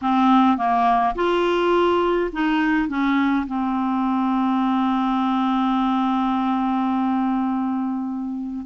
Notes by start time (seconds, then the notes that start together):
0.01 C4
0.57 A#3
1.15 F4
2.32 D#4
2.88 C#4
3.46 C4